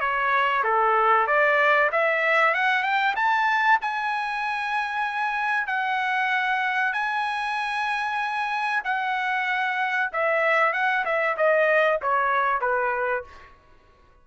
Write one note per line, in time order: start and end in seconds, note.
0.00 0.63 C#5
0.64 1.27 A4
1.27 1.90 D5
1.91 2.54 E5
2.54 2.83 F#5
2.83 3.14 G5
3.16 3.79 A5
3.81 5.67 G#5
5.67 6.93 F#5
6.93 8.82 G#5
8.84 10.11 F#5
10.12 10.73 E5
10.73 11.04 F#5
11.05 11.36 E5
11.37 12.00 D#5
12.02 12.61 C#5
12.61 13.24 B4